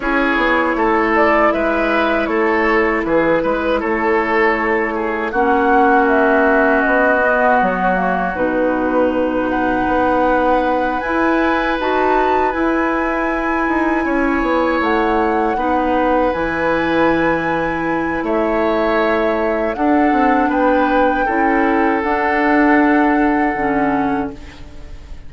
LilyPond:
<<
  \new Staff \with { instrumentName = "flute" } { \time 4/4 \tempo 4 = 79 cis''4. d''8 e''4 cis''4 | b'4 cis''2 fis''4 | e''4 dis''4 cis''4 b'4~ | b'8 fis''2 gis''4 a''8~ |
a''8 gis''2. fis''8~ | fis''4. gis''2~ gis''8 | e''2 fis''4 g''4~ | g''4 fis''2. | }
  \new Staff \with { instrumentName = "oboe" } { \time 4/4 gis'4 a'4 b'4 a'4 | gis'8 b'8 a'4. gis'8 fis'4~ | fis'1~ | fis'8 b'2.~ b'8~ |
b'2~ b'8 cis''4.~ | cis''8 b'2.~ b'8 | cis''2 a'4 b'4 | a'1 | }
  \new Staff \with { instrumentName = "clarinet" } { \time 4/4 e'1~ | e'2. cis'4~ | cis'4. b4 ais8 dis'4~ | dis'2~ dis'8 e'4 fis'8~ |
fis'8 e'2.~ e'8~ | e'8 dis'4 e'2~ e'8~ | e'2 d'2 | e'4 d'2 cis'4 | }
  \new Staff \with { instrumentName = "bassoon" } { \time 4/4 cis'8 b8 a4 gis4 a4 | e8 gis8 a2 ais4~ | ais4 b4 fis4 b,4~ | b,4 b4. e'4 dis'8~ |
dis'8 e'4. dis'8 cis'8 b8 a8~ | a8 b4 e2~ e8 | a2 d'8 c'8 b4 | cis'4 d'2 d4 | }
>>